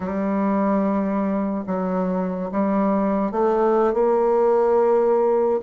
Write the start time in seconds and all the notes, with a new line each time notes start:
0.00 G3
1.67 F#3
2.51 G3
3.31 A3
3.93 A#3